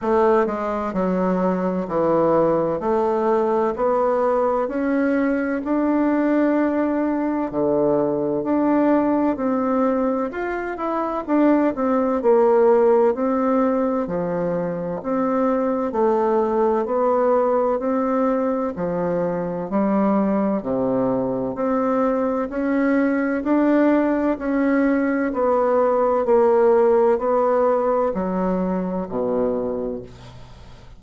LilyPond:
\new Staff \with { instrumentName = "bassoon" } { \time 4/4 \tempo 4 = 64 a8 gis8 fis4 e4 a4 | b4 cis'4 d'2 | d4 d'4 c'4 f'8 e'8 | d'8 c'8 ais4 c'4 f4 |
c'4 a4 b4 c'4 | f4 g4 c4 c'4 | cis'4 d'4 cis'4 b4 | ais4 b4 fis4 b,4 | }